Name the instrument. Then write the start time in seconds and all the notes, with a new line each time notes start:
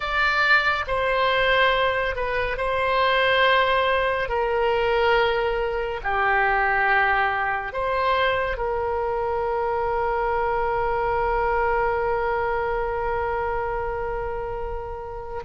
oboe
0.00 D5
0.87 C5
2.15 B4
2.57 C5
4.29 A#4
6.03 G4
7.73 C5
8.57 A#4